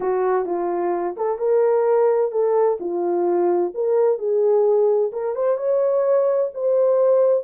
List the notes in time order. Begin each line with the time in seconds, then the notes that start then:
0.00 F#4
0.45 F4
1.16 A4
1.38 A#4
2.31 A4
2.80 F4
3.74 A#4
4.18 G#4
5.12 A#4
5.35 C5
5.57 C#5
6.53 C5